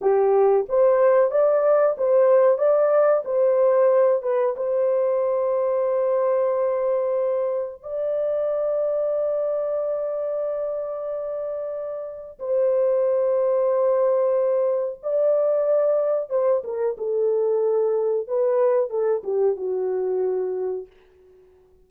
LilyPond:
\new Staff \with { instrumentName = "horn" } { \time 4/4 \tempo 4 = 92 g'4 c''4 d''4 c''4 | d''4 c''4. b'8 c''4~ | c''1 | d''1~ |
d''2. c''4~ | c''2. d''4~ | d''4 c''8 ais'8 a'2 | b'4 a'8 g'8 fis'2 | }